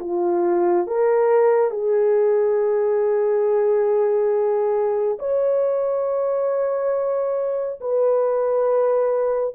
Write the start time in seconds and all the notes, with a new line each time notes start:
0.00 F4
0.87 A#4
1.71 G#4
5.19 C#5
7.81 B4